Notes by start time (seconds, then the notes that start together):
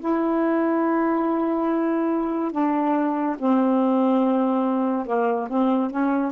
0.00 E4
2.52 D4
3.39 C4
5.06 A#3
5.49 C4
5.90 C#4